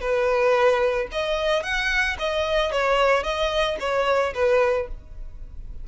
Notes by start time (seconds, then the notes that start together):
0.00 B4
1.12 D#5
1.63 F#5
2.19 D#5
2.71 C#5
3.23 D#5
3.80 C#5
4.34 B4